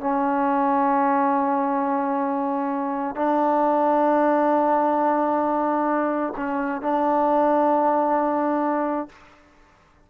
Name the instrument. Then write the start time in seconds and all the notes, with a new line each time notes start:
trombone
0.00 C#4
3.16 D4
6.36 C#4
6.82 D4